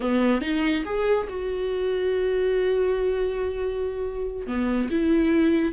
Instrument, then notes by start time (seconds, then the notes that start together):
viola
0.00 B3
0.41 D#4
0.85 G#4
1.29 F#4
4.46 B3
4.90 E4